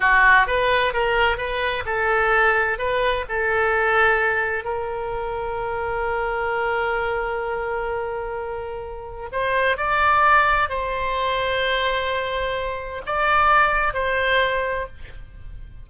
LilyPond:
\new Staff \with { instrumentName = "oboe" } { \time 4/4 \tempo 4 = 129 fis'4 b'4 ais'4 b'4 | a'2 b'4 a'4~ | a'2 ais'2~ | ais'1~ |
ais'1 | c''4 d''2 c''4~ | c''1 | d''2 c''2 | }